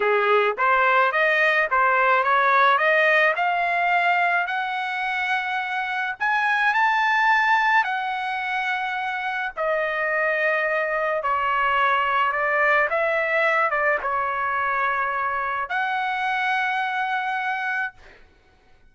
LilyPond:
\new Staff \with { instrumentName = "trumpet" } { \time 4/4 \tempo 4 = 107 gis'4 c''4 dis''4 c''4 | cis''4 dis''4 f''2 | fis''2. gis''4 | a''2 fis''2~ |
fis''4 dis''2. | cis''2 d''4 e''4~ | e''8 d''8 cis''2. | fis''1 | }